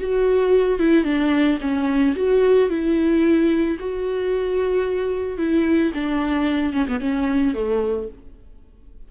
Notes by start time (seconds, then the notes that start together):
0.00 F#4
0.79 E4
1.04 D4
1.61 C#4
2.16 F#4
2.70 E4
3.79 F#4
5.38 E4
5.94 D4
6.73 C#4
6.88 B3
7.00 C#4
7.54 A3